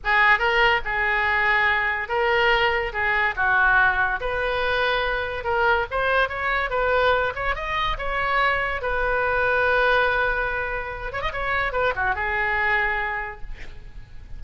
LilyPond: \new Staff \with { instrumentName = "oboe" } { \time 4/4 \tempo 4 = 143 gis'4 ais'4 gis'2~ | gis'4 ais'2 gis'4 | fis'2 b'2~ | b'4 ais'4 c''4 cis''4 |
b'4. cis''8 dis''4 cis''4~ | cis''4 b'2.~ | b'2~ b'8 cis''16 dis''16 cis''4 | b'8 fis'8 gis'2. | }